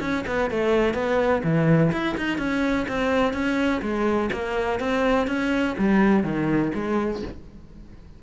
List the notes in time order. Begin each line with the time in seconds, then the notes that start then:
0.00 C#4
0.27 B3
0.50 A3
0.94 B3
1.43 E3
1.92 E4
2.17 D#4
2.38 C#4
2.88 C4
3.33 C#4
3.82 G#3
4.32 A#3
4.80 C4
5.27 C#4
5.78 G3
6.23 D#3
6.74 G#3